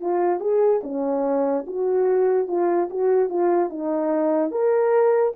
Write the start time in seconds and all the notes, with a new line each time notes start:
0.00 F4
0.40 G#4
0.83 C#4
1.67 F#4
2.47 F4
2.90 F#4
3.29 F4
3.69 D#4
4.51 A#4